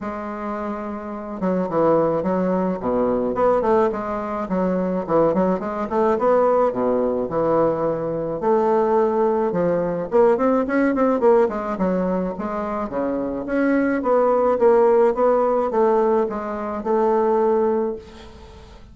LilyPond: \new Staff \with { instrumentName = "bassoon" } { \time 4/4 \tempo 4 = 107 gis2~ gis8 fis8 e4 | fis4 b,4 b8 a8 gis4 | fis4 e8 fis8 gis8 a8 b4 | b,4 e2 a4~ |
a4 f4 ais8 c'8 cis'8 c'8 | ais8 gis8 fis4 gis4 cis4 | cis'4 b4 ais4 b4 | a4 gis4 a2 | }